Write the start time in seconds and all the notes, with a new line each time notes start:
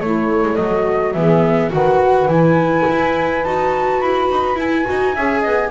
0.00 A3 E4 C#5
0.42 G#3
0.56 F#3 D#5
0.62 F#4
1.13 E3 B3 G#4 E5
1.70 D#3 F#4 B4 F#5
2.26 E3 E4 G#5
2.89 E4
3.44 D#4 F#4 A5
4.01 E4 B5
4.31 D#4
4.56 E4 G#5
4.85 D#4 F#4
5.14 C#4 G#4 E5
5.41 B3 D#5